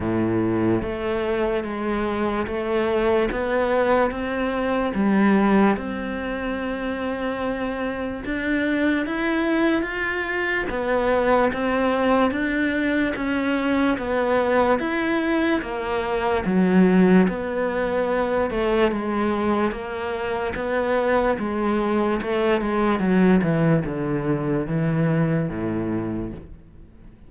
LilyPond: \new Staff \with { instrumentName = "cello" } { \time 4/4 \tempo 4 = 73 a,4 a4 gis4 a4 | b4 c'4 g4 c'4~ | c'2 d'4 e'4 | f'4 b4 c'4 d'4 |
cis'4 b4 e'4 ais4 | fis4 b4. a8 gis4 | ais4 b4 gis4 a8 gis8 | fis8 e8 d4 e4 a,4 | }